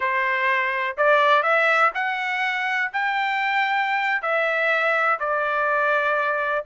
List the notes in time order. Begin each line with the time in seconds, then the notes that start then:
0.00 C5
0.97 D5
1.43 E5
1.94 F#5
2.93 G5
4.22 E5
5.19 D5